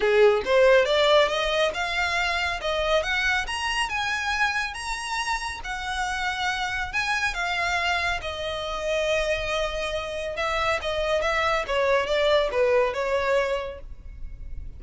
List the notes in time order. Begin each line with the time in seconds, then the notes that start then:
0.00 G#4
0.45 C5
0.85 D5
1.28 D#5
1.74 F5
2.61 D#5
3.02 F#5
3.46 A#5
3.89 G#5
4.74 A#5
5.64 F#5
6.92 G#5
7.34 F5
8.21 D#5
10.36 E5
10.81 D#5
11.21 E5
11.67 C#5
12.06 D5
12.51 B4
12.93 C#5